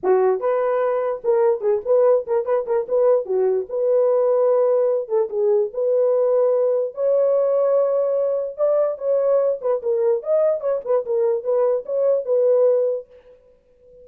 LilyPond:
\new Staff \with { instrumentName = "horn" } { \time 4/4 \tempo 4 = 147 fis'4 b'2 ais'4 | gis'8 b'4 ais'8 b'8 ais'8 b'4 | fis'4 b'2.~ | b'8 a'8 gis'4 b'2~ |
b'4 cis''2.~ | cis''4 d''4 cis''4. b'8 | ais'4 dis''4 cis''8 b'8 ais'4 | b'4 cis''4 b'2 | }